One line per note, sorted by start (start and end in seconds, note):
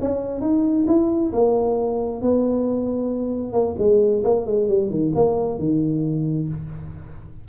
0.00 0.41 C#4
0.41 0.85 D#4
0.87 1.32 E4
1.32 2.21 A#3
2.21 3.53 B3
3.53 3.75 A#3
3.78 4.23 G#3
4.24 4.46 A#3
4.46 4.68 G#3
4.68 4.90 G3
4.90 5.12 D#3
5.15 5.59 A#3
5.59 6.48 D#3